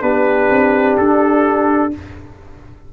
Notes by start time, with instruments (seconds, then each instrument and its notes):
0.00 tuba B3, trombone D4, horn G4, trumpet B4
0.49 tuba C4
0.97 tuba D4, trumpet A4